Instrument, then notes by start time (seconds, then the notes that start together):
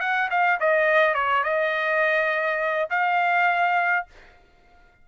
trumpet
0.00 F#5
0.30 F5
0.60 D#5
1.14 C#5
1.44 D#5
2.90 F5